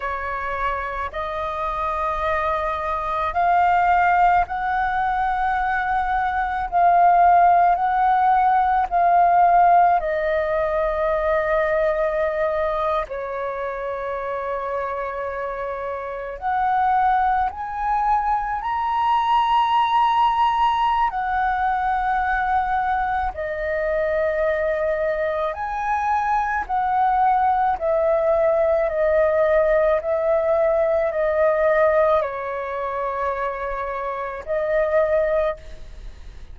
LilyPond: \new Staff \with { instrumentName = "flute" } { \time 4/4 \tempo 4 = 54 cis''4 dis''2 f''4 | fis''2 f''4 fis''4 | f''4 dis''2~ dis''8. cis''16~ | cis''2~ cis''8. fis''4 gis''16~ |
gis''8. ais''2~ ais''16 fis''4~ | fis''4 dis''2 gis''4 | fis''4 e''4 dis''4 e''4 | dis''4 cis''2 dis''4 | }